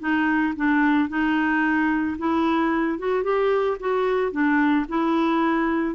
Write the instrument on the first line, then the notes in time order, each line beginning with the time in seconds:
clarinet
0.00 D#4
0.56 D4
1.09 D#4
2.18 E4
2.99 F#4
3.23 G4
3.80 F#4
4.32 D4
4.89 E4